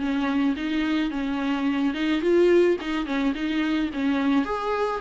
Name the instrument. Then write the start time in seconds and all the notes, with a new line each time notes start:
viola
0.00 C#4
0.57 D#4
1.11 C#4
1.94 D#4
2.22 F4
2.81 D#4
3.06 C#4
3.35 D#4
3.94 C#4
4.45 G#4